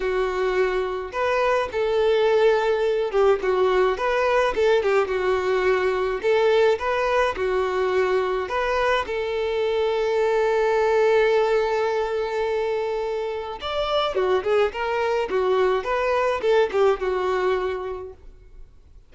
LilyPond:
\new Staff \with { instrumentName = "violin" } { \time 4/4 \tempo 4 = 106 fis'2 b'4 a'4~ | a'4. g'8 fis'4 b'4 | a'8 g'8 fis'2 a'4 | b'4 fis'2 b'4 |
a'1~ | a'1 | d''4 fis'8 gis'8 ais'4 fis'4 | b'4 a'8 g'8 fis'2 | }